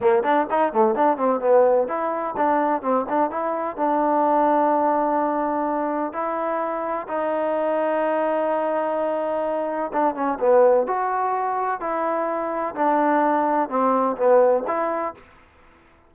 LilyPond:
\new Staff \with { instrumentName = "trombone" } { \time 4/4 \tempo 4 = 127 ais8 d'8 dis'8 a8 d'8 c'8 b4 | e'4 d'4 c'8 d'8 e'4 | d'1~ | d'4 e'2 dis'4~ |
dis'1~ | dis'4 d'8 cis'8 b4 fis'4~ | fis'4 e'2 d'4~ | d'4 c'4 b4 e'4 | }